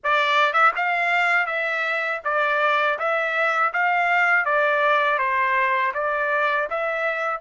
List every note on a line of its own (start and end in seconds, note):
0.03 0.53 D5
0.53 0.71 E5
0.76 1.46 F5
1.46 2.20 E5
2.24 2.98 D5
2.98 3.72 E5
3.73 4.45 F5
4.45 5.18 D5
5.18 5.92 C5
5.94 6.68 D5
6.70 7.40 E5